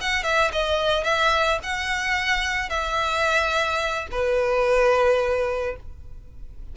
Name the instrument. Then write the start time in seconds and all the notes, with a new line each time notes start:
violin
0.00 F#5
0.23 E5
0.52 D#5
1.03 E5
1.62 F#5
2.69 E5
4.11 B4